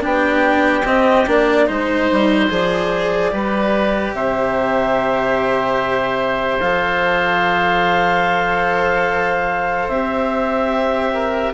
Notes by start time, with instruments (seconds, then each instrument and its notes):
0.00 bassoon B3, cello D4, oboe G4, clarinet G5
0.85 bassoon C4, cello C4, clarinet D#5
1.26 bassoon A#3, cello D4, clarinet D5
1.66 bassoon G#3, cello D#4, oboe C5, clarinet C5
2.11 bassoon G3
2.49 bassoon F3, cello G#4, clarinet D5
3.31 bassoon G3, cello G4, oboe B4
4.13 bassoon C3, oboe C5, clarinet E5
6.59 bassoon F3, cello A4, clarinet F5
9.88 bassoon C4, cello G4, clarinet E5
11.13 oboe A#4